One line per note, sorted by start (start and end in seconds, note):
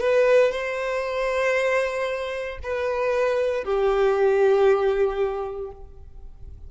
0.00 0.51 B4
0.51 2.58 C5
2.63 3.64 B4
3.64 5.71 G4